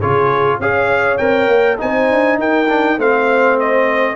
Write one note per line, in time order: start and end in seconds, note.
0.00 0.59 C#3
0.00 0.61 F4
0.00 0.59 G#4
0.00 0.60 C#5
0.59 1.18 C#4
0.59 1.19 G#4
0.59 1.80 C#5
0.59 1.18 F5
1.18 1.47 C4
1.18 1.78 A#4
1.18 1.77 G5
1.47 1.77 A#3
1.78 2.11 C4
1.78 2.67 D#4
1.78 2.39 C5
1.78 2.39 G#5
2.11 2.38 D4
2.38 2.97 D#4
2.38 2.98 A#4
2.38 3.00 G5
2.68 2.98 D4
2.97 4.15 A3
2.97 4.15 C4
2.97 4.15 C5
2.97 3.59 F5
3.59 4.15 D#5